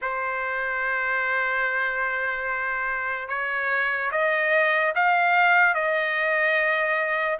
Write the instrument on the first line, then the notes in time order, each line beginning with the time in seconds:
trumpet
0.01 C5
3.28 C#5
4.11 D#5
4.95 F5
5.74 D#5